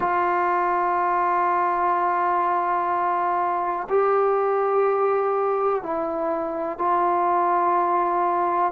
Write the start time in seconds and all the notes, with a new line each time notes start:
0.00 F4
3.89 G4
5.82 E4
6.78 F4